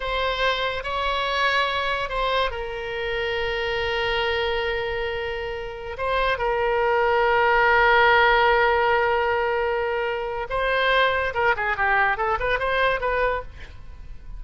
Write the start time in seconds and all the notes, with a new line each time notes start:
0.00 C5
0.83 C#5
2.09 C5
2.50 A#4
5.97 C5
6.38 A#4
10.49 C5
11.34 A#4
11.56 G#4
11.76 G4
12.17 A4
12.39 B4
12.59 C5
13.00 B4